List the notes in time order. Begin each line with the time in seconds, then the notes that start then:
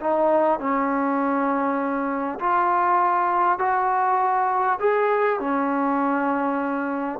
0.00 D#4
0.59 C#4
2.39 F4
3.58 F#4
4.79 G#4
5.39 C#4